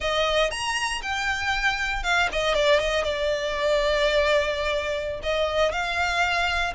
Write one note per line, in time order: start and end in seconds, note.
0.00 0.50 D#5
0.50 1.01 A#5
1.02 2.03 G5
2.03 2.28 F5
2.31 2.54 D#5
2.54 2.79 D5
2.79 3.04 D#5
3.04 5.20 D5
5.22 5.72 D#5
5.72 6.73 F5